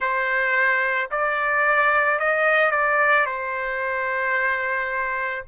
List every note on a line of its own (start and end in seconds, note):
0.00 1.09 C5
1.10 2.19 D5
2.19 2.71 D#5
2.71 3.25 D5
3.25 5.43 C5